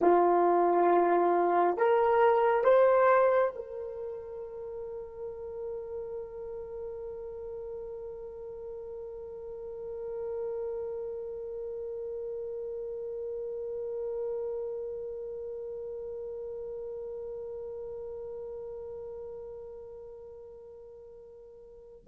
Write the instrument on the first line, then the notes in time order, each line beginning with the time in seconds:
horn
0.01 F4
1.77 A#4
2.64 C5
3.55 A#4